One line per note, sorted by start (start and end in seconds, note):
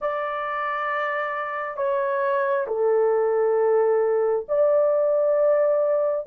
0.01 1.77 D5
1.77 2.66 C#5
2.67 4.46 A4
4.48 6.26 D5